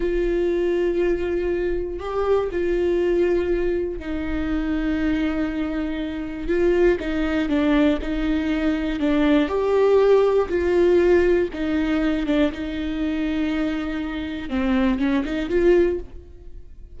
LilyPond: \new Staff \with { instrumentName = "viola" } { \time 4/4 \tempo 4 = 120 f'1 | g'4 f'2. | dis'1~ | dis'4 f'4 dis'4 d'4 |
dis'2 d'4 g'4~ | g'4 f'2 dis'4~ | dis'8 d'8 dis'2.~ | dis'4 c'4 cis'8 dis'8 f'4 | }